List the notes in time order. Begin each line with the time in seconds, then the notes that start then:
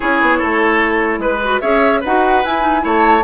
0.00 C#4 E4 G#4 C#5
0.21 B3
0.38 A3 A4
1.18 G#3 B4
1.43 F#4
1.60 C#4 G#4 C#5 E5
2.00 D#4 F#4 B4 F#5
2.43 E4 G#5
2.61 D#4
2.80 A3 E4 C#5 A5